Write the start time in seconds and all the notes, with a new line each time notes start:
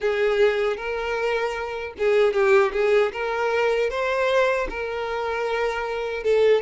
0.00 G#4
0.77 A#4
1.98 G#4
2.33 G4
2.73 G#4
3.12 A#4
3.90 C5
4.69 A#4
6.23 A4